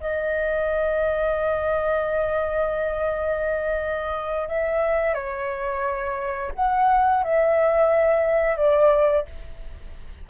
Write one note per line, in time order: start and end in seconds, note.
0.00 4.48 D#5
4.48 5.14 E5
5.14 6.52 C#5
6.55 7.24 F#5
7.24 8.56 E5
8.56 9.25 D5